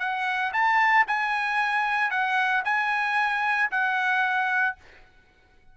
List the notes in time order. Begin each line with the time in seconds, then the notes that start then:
0.00 F#5
0.54 A5
1.08 G#5
2.11 F#5
2.65 G#5
3.72 F#5